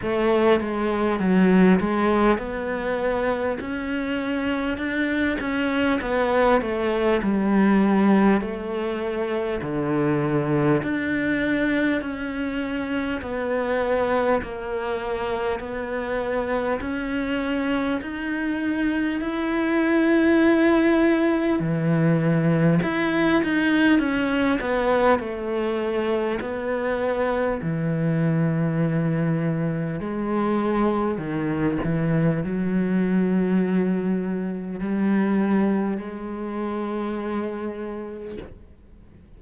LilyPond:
\new Staff \with { instrumentName = "cello" } { \time 4/4 \tempo 4 = 50 a8 gis8 fis8 gis8 b4 cis'4 | d'8 cis'8 b8 a8 g4 a4 | d4 d'4 cis'4 b4 | ais4 b4 cis'4 dis'4 |
e'2 e4 e'8 dis'8 | cis'8 b8 a4 b4 e4~ | e4 gis4 dis8 e8 fis4~ | fis4 g4 gis2 | }